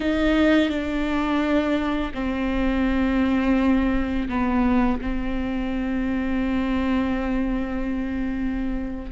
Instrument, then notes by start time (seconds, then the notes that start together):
viola
0.00 D#4
0.69 D4
2.14 C4
4.28 B3
5.01 C4